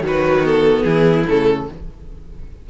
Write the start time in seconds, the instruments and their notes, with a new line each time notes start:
0.00 cello D#3, viola F#3, violin F#4
0.07 violin B4
0.43 viola B3, violin A4
0.84 cello E3, violin E4 G#4
1.26 cello C#3, viola A3, violin A4